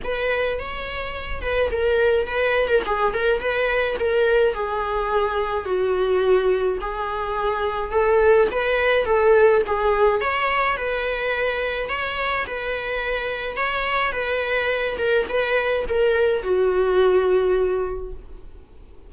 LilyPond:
\new Staff \with { instrumentName = "viola" } { \time 4/4 \tempo 4 = 106 b'4 cis''4. b'8 ais'4 | b'8. ais'16 gis'8 ais'8 b'4 ais'4 | gis'2 fis'2 | gis'2 a'4 b'4 |
a'4 gis'4 cis''4 b'4~ | b'4 cis''4 b'2 | cis''4 b'4. ais'8 b'4 | ais'4 fis'2. | }